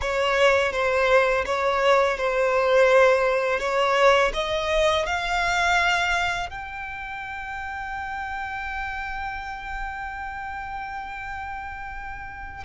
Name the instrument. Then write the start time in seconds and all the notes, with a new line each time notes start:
violin
0.01 C#5
0.72 C5
1.45 C#5
2.17 C5
3.59 C#5
4.33 D#5
5.05 F5
6.49 G5